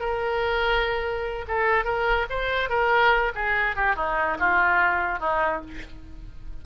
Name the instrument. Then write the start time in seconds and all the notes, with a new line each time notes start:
oboe
0.00 A#4
1.48 A4
1.85 A#4
2.30 C5
2.70 A#4
3.35 G#4
3.76 G4
3.96 D#4
4.40 F4
5.20 D#4